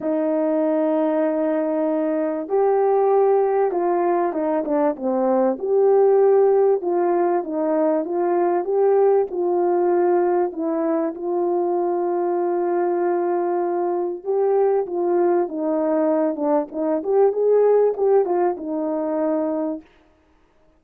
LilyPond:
\new Staff \with { instrumentName = "horn" } { \time 4/4 \tempo 4 = 97 dis'1 | g'2 f'4 dis'8 d'8 | c'4 g'2 f'4 | dis'4 f'4 g'4 f'4~ |
f'4 e'4 f'2~ | f'2. g'4 | f'4 dis'4. d'8 dis'8 g'8 | gis'4 g'8 f'8 dis'2 | }